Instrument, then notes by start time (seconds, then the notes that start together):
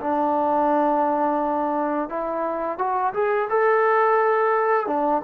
trombone
0.00 D4
2.09 E4
2.78 F#4
3.13 G#4
3.49 A4
4.86 D4